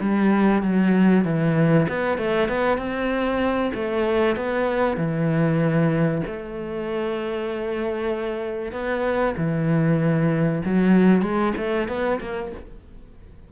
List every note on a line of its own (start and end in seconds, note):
0.00 0.62 G3
0.62 1.24 F#3
1.24 1.87 E3
1.88 2.17 B3
2.17 2.49 A3
2.49 2.78 B3
2.78 3.71 C4
3.74 4.36 A3
4.36 4.97 B3
4.97 6.22 E3
6.26 8.72 A3
8.72 9.34 B3
9.37 10.62 E3
10.65 11.22 F#3
11.22 11.53 G#3
11.57 11.88 A3
11.88 12.19 B3
12.20 12.51 A#3